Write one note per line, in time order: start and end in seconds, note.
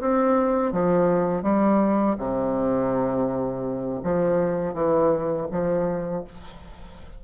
0.00 0.72 C4
0.72 1.42 F3
1.42 2.16 G3
2.18 4.01 C3
4.03 4.74 F3
4.74 5.47 E3
5.51 6.24 F3